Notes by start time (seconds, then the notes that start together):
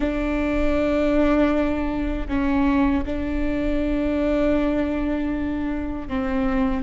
0.00 D4
2.28 C#4
3.06 D4
6.08 C4